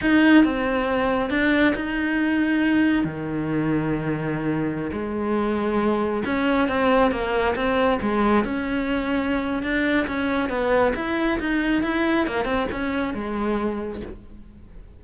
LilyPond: \new Staff \with { instrumentName = "cello" } { \time 4/4 \tempo 4 = 137 dis'4 c'2 d'4 | dis'2. dis4~ | dis2.~ dis16 gis8.~ | gis2~ gis16 cis'4 c'8.~ |
c'16 ais4 c'4 gis4 cis'8.~ | cis'2 d'4 cis'4 | b4 e'4 dis'4 e'4 | ais8 c'8 cis'4 gis2 | }